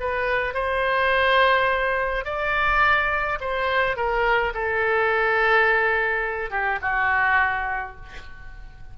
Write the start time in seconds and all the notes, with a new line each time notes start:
0.00 B4
0.54 C5
2.25 D5
3.41 C5
3.96 A#4
4.54 A4
6.50 G4
6.82 F#4